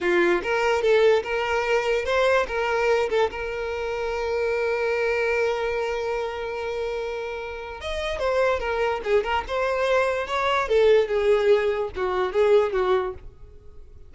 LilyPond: \new Staff \with { instrumentName = "violin" } { \time 4/4 \tempo 4 = 146 f'4 ais'4 a'4 ais'4~ | ais'4 c''4 ais'4. a'8 | ais'1~ | ais'1~ |
ais'2. dis''4 | c''4 ais'4 gis'8 ais'8 c''4~ | c''4 cis''4 a'4 gis'4~ | gis'4 fis'4 gis'4 fis'4 | }